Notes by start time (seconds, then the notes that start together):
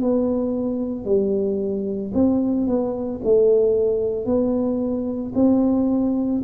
0.00 B3
1.04 G3
2.14 C4
2.67 B3
3.24 A3
4.25 B3
5.35 C4